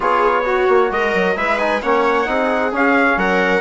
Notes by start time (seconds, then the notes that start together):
0.00 B3 F4 G#4 C#5
0.44 F#4
0.68 A#3
0.91 G#3 A#4 D#5
1.14 F#3
1.36 G#3 E4 B4 E5
1.58 D#4 G#5
1.81 A#3 C#4 C#5 F#5
2.26 C4 D#4 G#4
2.72 C#4 F5
3.16 F#3 A#4 F#5